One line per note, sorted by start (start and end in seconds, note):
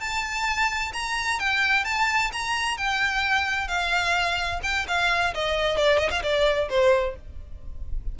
0.00 0.92 A5
0.93 1.39 A#5
1.39 1.85 G5
1.85 2.31 A5
2.32 2.77 A#5
2.77 3.68 G5
3.68 4.60 F5
4.63 4.86 G5
4.88 5.34 F5
5.34 5.77 D#5
5.77 5.98 D5
5.98 6.10 D#5
6.10 6.22 F5
6.22 6.69 D5
6.69 7.15 C5